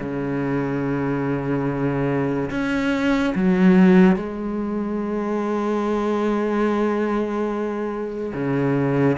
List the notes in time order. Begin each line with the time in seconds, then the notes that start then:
0.00 C#3
2.50 C#4
3.35 F#3
4.16 G#3
8.34 C#3